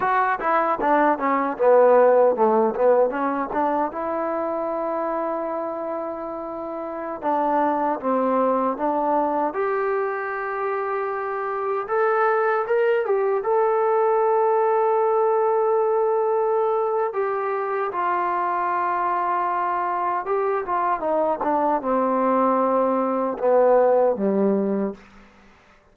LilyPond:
\new Staff \with { instrumentName = "trombone" } { \time 4/4 \tempo 4 = 77 fis'8 e'8 d'8 cis'8 b4 a8 b8 | cis'8 d'8 e'2.~ | e'4~ e'16 d'4 c'4 d'8.~ | d'16 g'2. a'8.~ |
a'16 ais'8 g'8 a'2~ a'8.~ | a'2 g'4 f'4~ | f'2 g'8 f'8 dis'8 d'8 | c'2 b4 g4 | }